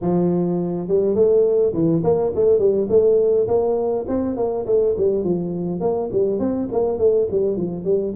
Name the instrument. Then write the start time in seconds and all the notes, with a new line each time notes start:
tuba
0.01 F3
0.88 G3
1.15 A3
1.73 E3
2.03 A#3
2.35 A3
2.58 G3
2.89 A3
3.47 A#3
4.08 C4
4.36 A#3
4.66 A3
4.97 G3
5.24 F3
5.80 A#3
6.12 G3
6.39 C4
6.71 A#3
6.98 A3
7.31 G3
7.56 F3
7.84 G3